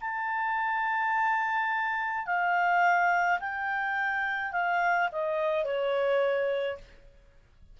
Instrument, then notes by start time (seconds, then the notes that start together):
clarinet
0.00 A5
2.26 F5
3.40 G5
4.52 F5
5.11 D#5
5.64 C#5